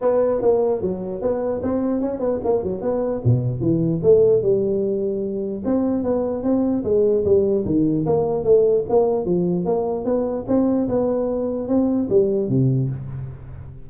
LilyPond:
\new Staff \with { instrumentName = "tuba" } { \time 4/4 \tempo 4 = 149 b4 ais4 fis4 b4 | c'4 cis'8 b8 ais8 fis8 b4 | b,4 e4 a4 g4~ | g2 c'4 b4 |
c'4 gis4 g4 dis4 | ais4 a4 ais4 f4 | ais4 b4 c'4 b4~ | b4 c'4 g4 c4 | }